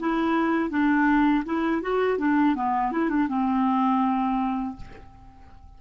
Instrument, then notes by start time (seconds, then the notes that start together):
clarinet
0.00 E4
0.70 D4
1.45 E4
1.82 F#4
2.19 D4
2.56 B3
2.92 E4
3.09 D4
3.28 C4